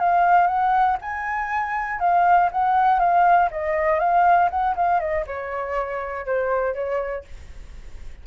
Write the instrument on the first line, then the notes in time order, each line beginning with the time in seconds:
flute
0.00 F5
0.47 F#5
1.02 G#5
2.00 F5
2.52 F#5
3.00 F5
3.51 D#5
4.00 F5
4.51 F#5
4.76 F5
5.00 D#5
5.27 C#5
6.26 C5
6.75 C#5